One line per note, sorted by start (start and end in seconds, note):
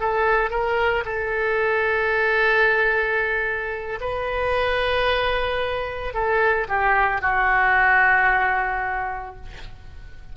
0.00 0.50 A4
0.50 1.04 A#4
1.05 4.00 A4
4.00 6.14 B4
6.14 6.68 A4
6.68 7.22 G4
7.22 9.36 F#4